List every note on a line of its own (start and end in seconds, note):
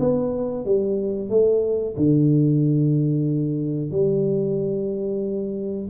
0.00 0.65 B3
0.65 1.29 G3
1.29 1.95 A3
1.97 3.91 D3
3.91 5.89 G3